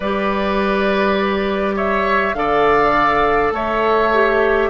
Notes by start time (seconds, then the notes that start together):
0.00 G3 G4 B4 D5
1.75 C#5 E5
2.34 D3 A4 D5 F5
3.51 A3 C#5 E5
4.13 G4